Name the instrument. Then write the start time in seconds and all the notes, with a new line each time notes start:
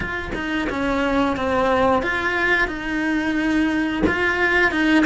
cello
0.00 F4
0.34 D#4
0.69 C#4
1.36 C4
2.02 F4
2.67 D#4
4.06 F4
4.71 D#4